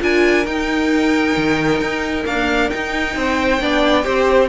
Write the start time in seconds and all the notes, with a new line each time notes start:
0.00 D4 F4 A#4 G#5
0.46 D#4 G5
1.37 D#3
1.81 D#4
2.24 A#3 D4 F5
2.70 D#4 G5
3.16 C4 C5
3.61 B3 D4 D5
4.04 C4 G4 C5